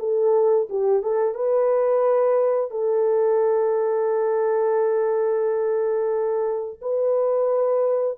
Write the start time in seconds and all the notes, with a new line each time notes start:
0.00 A4
0.70 G4
1.03 A4
1.35 B4
2.71 A4
6.82 B4